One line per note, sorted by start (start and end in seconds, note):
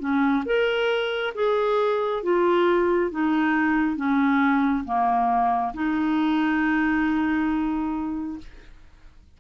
0.00 0.44 C#4
0.46 1.34 A#4
1.35 2.23 G#4
2.23 3.11 F4
3.11 3.96 D#4
3.96 4.84 C#4
4.85 5.73 A#3
5.74 8.39 D#4